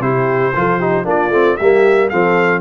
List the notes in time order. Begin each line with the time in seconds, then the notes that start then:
0.00 C3 E4 G4 C5
0.56 F3 F4 A4
0.79 D#4 G4
1.05 A#3 D4 F4 D5
1.30 A3 C4
1.57 G3 A#3 G4 E5
2.10 F3 C4 A4 F5